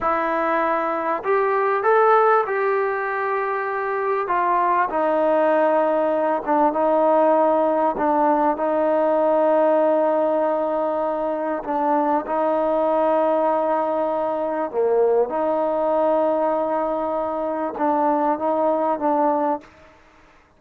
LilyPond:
\new Staff \with { instrumentName = "trombone" } { \time 4/4 \tempo 4 = 98 e'2 g'4 a'4 | g'2. f'4 | dis'2~ dis'8 d'8 dis'4~ | dis'4 d'4 dis'2~ |
dis'2. d'4 | dis'1 | ais4 dis'2.~ | dis'4 d'4 dis'4 d'4 | }